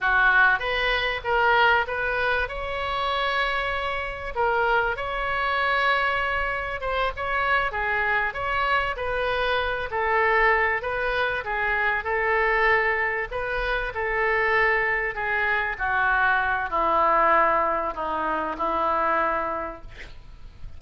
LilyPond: \new Staff \with { instrumentName = "oboe" } { \time 4/4 \tempo 4 = 97 fis'4 b'4 ais'4 b'4 | cis''2. ais'4 | cis''2. c''8 cis''8~ | cis''8 gis'4 cis''4 b'4. |
a'4. b'4 gis'4 a'8~ | a'4. b'4 a'4.~ | a'8 gis'4 fis'4. e'4~ | e'4 dis'4 e'2 | }